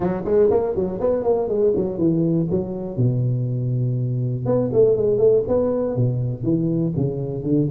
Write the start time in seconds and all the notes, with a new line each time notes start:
0.00 F#3
0.24 G#3
0.50 A#3
0.75 F#3
1.00 B3
1.23 A#3
1.48 G#3
1.76 F#3
1.97 E3
2.50 F#3
2.96 B2
4.45 B3
4.72 A3
4.96 G#3
5.18 A3
5.47 B3
5.96 B2
6.43 E3
6.96 C#3
7.43 D3